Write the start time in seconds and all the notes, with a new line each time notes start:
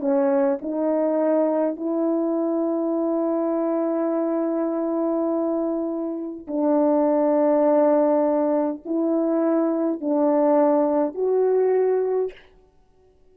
0.00 C#4
0.61 D#4
1.76 E4
6.47 D4
8.85 E4
10.01 D4
11.14 F#4